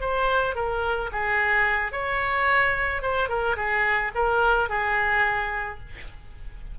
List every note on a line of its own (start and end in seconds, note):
0.00 0.55 C5
0.55 1.10 A#4
1.12 1.92 G#4
1.92 3.02 C#5
3.02 3.29 C5
3.29 3.56 A#4
3.56 4.11 G#4
4.15 4.69 A#4
4.69 5.79 G#4